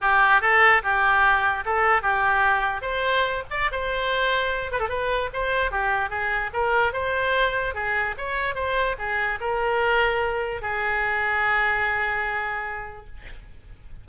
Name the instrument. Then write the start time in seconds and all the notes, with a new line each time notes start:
oboe
0.01 G4
0.41 A4
0.82 G4
1.65 A4
2.01 G4
2.81 C5
3.50 D5
3.71 C5
4.71 B4
4.79 A4
4.88 B4
5.33 C5
5.71 G4
6.09 G#4
6.53 A#4
6.92 C5
7.74 G#4
8.17 C#5
8.55 C5
8.98 G#4
9.40 A#4
10.61 G#4